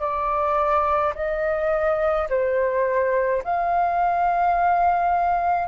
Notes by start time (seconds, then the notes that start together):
0.00 D5
1.15 D#5
2.30 C5
3.44 F5